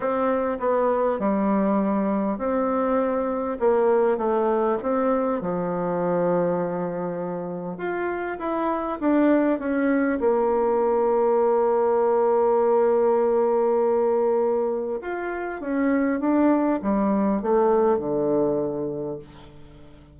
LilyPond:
\new Staff \with { instrumentName = "bassoon" } { \time 4/4 \tempo 4 = 100 c'4 b4 g2 | c'2 ais4 a4 | c'4 f2.~ | f4 f'4 e'4 d'4 |
cis'4 ais2.~ | ais1~ | ais4 f'4 cis'4 d'4 | g4 a4 d2 | }